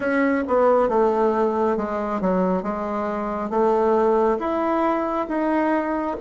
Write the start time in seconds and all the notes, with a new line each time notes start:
0.00 C#4
0.47 B3
0.88 A3
1.76 G#3
2.20 F#3
2.62 G#3
3.49 A3
4.39 E4
5.28 D#4